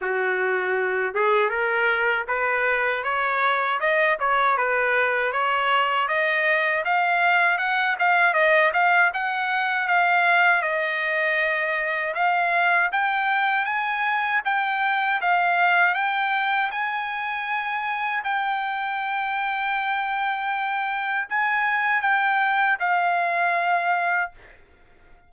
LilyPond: \new Staff \with { instrumentName = "trumpet" } { \time 4/4 \tempo 4 = 79 fis'4. gis'8 ais'4 b'4 | cis''4 dis''8 cis''8 b'4 cis''4 | dis''4 f''4 fis''8 f''8 dis''8 f''8 | fis''4 f''4 dis''2 |
f''4 g''4 gis''4 g''4 | f''4 g''4 gis''2 | g''1 | gis''4 g''4 f''2 | }